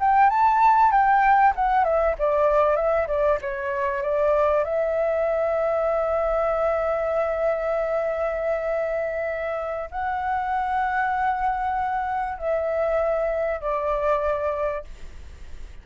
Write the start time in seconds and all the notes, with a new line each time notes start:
0.00 G5
0.30 A5
0.91 G5
1.55 F#5
1.84 E5
2.18 D5
2.76 E5
3.08 D5
3.42 C#5
4.02 D5
4.64 E5
9.91 F#5
12.38 E5
13.61 D5